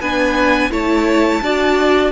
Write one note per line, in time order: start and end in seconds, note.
0.00 0.70 B3
0.00 0.70 D4
0.00 0.71 B4
0.00 0.71 G#5
0.70 1.41 A3
0.70 1.41 E4
0.70 1.42 C#5
0.70 2.11 A5
1.42 2.11 D4
1.42 2.11 F#4
1.42 2.11 D5